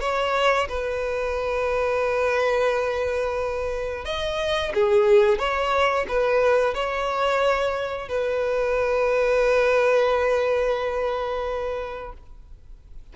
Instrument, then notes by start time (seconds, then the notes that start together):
violin
0.00 C#5
0.68 B4
4.05 D#5
4.74 G#4
5.38 C#5
6.08 B4
6.74 C#5
8.08 B4